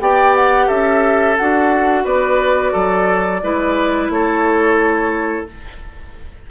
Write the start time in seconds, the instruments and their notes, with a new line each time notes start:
0.00 bassoon B3, clarinet G4, oboe D5, flute G5
0.36 flute F#5
0.67 bassoon C#4, oboe A4, flute E5
1.37 bassoon D4, clarinet F#4, flute F#5
2.05 bassoon B3, oboe B4, flute D5
2.72 bassoon F#3, oboe A4
3.43 bassoon G#3, clarinet E4, oboe B4
4.09 bassoon A3, oboe A4, flute C#5